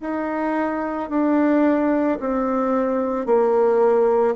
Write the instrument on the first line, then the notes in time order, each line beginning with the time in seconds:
bassoon
0.00 D#4
1.09 D4
2.20 C4
3.25 A#3